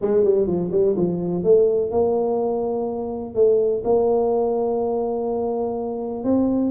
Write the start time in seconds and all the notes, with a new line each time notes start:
0.01 G#3
0.24 G3
0.47 F3
0.71 G3
0.96 F3
1.43 A3
1.90 A#3
3.34 A3
3.84 A#3
6.24 C4